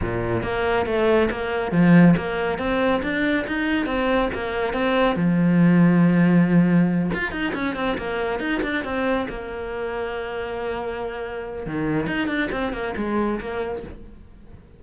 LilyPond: \new Staff \with { instrumentName = "cello" } { \time 4/4 \tempo 4 = 139 ais,4 ais4 a4 ais4 | f4 ais4 c'4 d'4 | dis'4 c'4 ais4 c'4 | f1~ |
f8 f'8 dis'8 cis'8 c'8 ais4 dis'8 | d'8 c'4 ais2~ ais8~ | ais2. dis4 | dis'8 d'8 c'8 ais8 gis4 ais4 | }